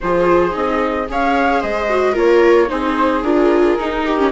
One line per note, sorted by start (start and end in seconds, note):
0.00 0.54 F3
0.00 0.50 F4
0.00 1.11 G#4
0.00 0.54 C5
0.50 1.08 C4
0.50 1.04 D#4
0.50 1.08 D#5
1.08 1.63 C#4
1.08 1.89 G#4
1.08 1.60 C#5
1.08 1.62 F5
1.60 2.16 G#3
1.60 2.12 C5
1.60 2.16 D#5
1.89 2.13 F#4
2.12 2.70 A#3
2.12 2.67 F4
2.12 2.66 A#4
2.12 2.69 C#5
2.67 3.22 C4
2.67 3.21 D#4
2.67 4.05 G#4
2.67 3.23 C5
3.22 3.76 D4
3.22 3.78 F4
3.22 4.31 A#4
3.78 4.17 D#4
3.78 4.31 D#4
4.05 4.31 G4
4.17 4.31 C#4